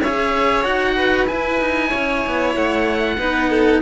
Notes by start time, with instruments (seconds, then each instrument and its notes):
0.00 cello C#4, violin C#5, oboe E5
0.06 cello G#4
0.63 cello D#4 F#4, oboe F#5
0.95 violin B4
1.27 cello E4, oboe G#5
1.60 cello D#4
1.88 cello C#4, violin C#5
2.26 cello B3
2.55 cello A3, oboe F#5
3.17 cello B3 D#4, violin B4
3.49 violin A4